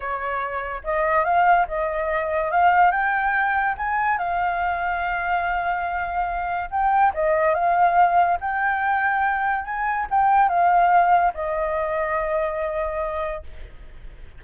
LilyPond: \new Staff \with { instrumentName = "flute" } { \time 4/4 \tempo 4 = 143 cis''2 dis''4 f''4 | dis''2 f''4 g''4~ | g''4 gis''4 f''2~ | f''1 |
g''4 dis''4 f''2 | g''2. gis''4 | g''4 f''2 dis''4~ | dis''1 | }